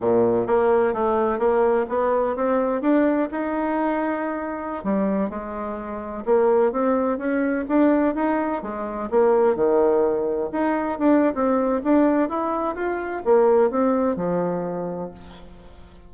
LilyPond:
\new Staff \with { instrumentName = "bassoon" } { \time 4/4 \tempo 4 = 127 ais,4 ais4 a4 ais4 | b4 c'4 d'4 dis'4~ | dis'2~ dis'16 g4 gis8.~ | gis4~ gis16 ais4 c'4 cis'8.~ |
cis'16 d'4 dis'4 gis4 ais8.~ | ais16 dis2 dis'4 d'8. | c'4 d'4 e'4 f'4 | ais4 c'4 f2 | }